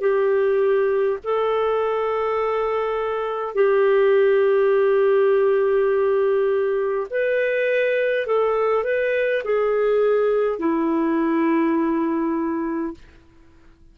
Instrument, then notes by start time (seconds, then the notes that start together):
clarinet
0.00 G4
1.24 A4
3.54 G4
7.10 B4
8.26 A4
8.83 B4
9.44 G#4
10.59 E4